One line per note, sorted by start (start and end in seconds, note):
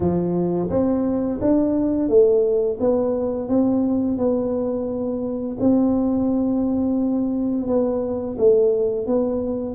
0.00 0.69 F3
0.70 1.40 C4
1.41 2.08 D4
2.08 2.78 A3
2.80 3.48 B3
3.48 4.17 C4
4.17 5.57 B3
5.60 7.67 C4
7.67 8.37 B3
8.38 9.06 A3
9.06 9.75 B3